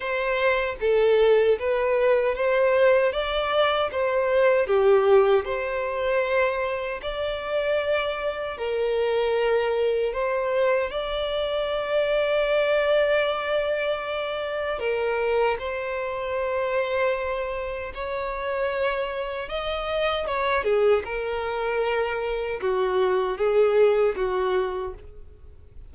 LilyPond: \new Staff \with { instrumentName = "violin" } { \time 4/4 \tempo 4 = 77 c''4 a'4 b'4 c''4 | d''4 c''4 g'4 c''4~ | c''4 d''2 ais'4~ | ais'4 c''4 d''2~ |
d''2. ais'4 | c''2. cis''4~ | cis''4 dis''4 cis''8 gis'8 ais'4~ | ais'4 fis'4 gis'4 fis'4 | }